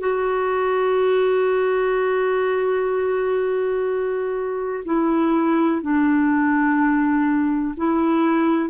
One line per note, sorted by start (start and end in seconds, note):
0.00 4.84 F#4
4.84 5.81 E4
5.81 7.75 D4
7.76 8.69 E4